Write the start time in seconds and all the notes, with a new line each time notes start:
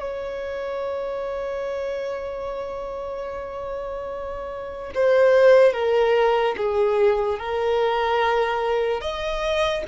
0.00 C#5
4.95 C5
5.73 A#4
6.58 G#4
7.39 A#4
9.01 D#5